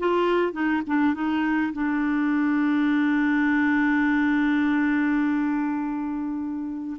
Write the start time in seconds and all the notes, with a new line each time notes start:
0.00 F4
0.53 D#4
0.87 D4
1.15 D#4
1.74 D4